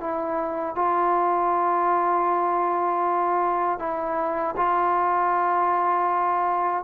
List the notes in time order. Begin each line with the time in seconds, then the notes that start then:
0.00 E4
0.75 F4
3.79 E4
4.56 F4